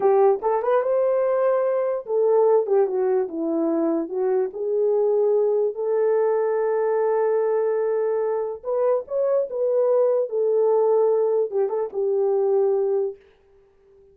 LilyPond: \new Staff \with { instrumentName = "horn" } { \time 4/4 \tempo 4 = 146 g'4 a'8 b'8 c''2~ | c''4 a'4. g'8 fis'4 | e'2 fis'4 gis'4~ | gis'2 a'2~ |
a'1~ | a'4 b'4 cis''4 b'4~ | b'4 a'2. | g'8 a'8 g'2. | }